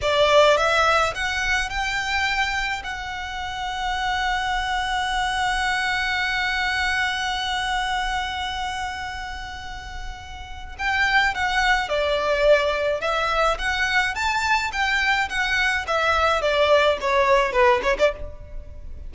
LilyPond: \new Staff \with { instrumentName = "violin" } { \time 4/4 \tempo 4 = 106 d''4 e''4 fis''4 g''4~ | g''4 fis''2.~ | fis''1~ | fis''1~ |
fis''2. g''4 | fis''4 d''2 e''4 | fis''4 a''4 g''4 fis''4 | e''4 d''4 cis''4 b'8 cis''16 d''16 | }